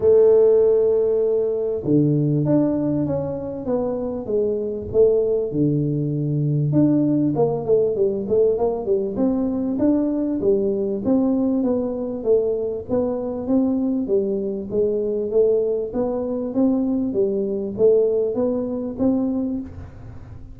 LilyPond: \new Staff \with { instrumentName = "tuba" } { \time 4/4 \tempo 4 = 98 a2. d4 | d'4 cis'4 b4 gis4 | a4 d2 d'4 | ais8 a8 g8 a8 ais8 g8 c'4 |
d'4 g4 c'4 b4 | a4 b4 c'4 g4 | gis4 a4 b4 c'4 | g4 a4 b4 c'4 | }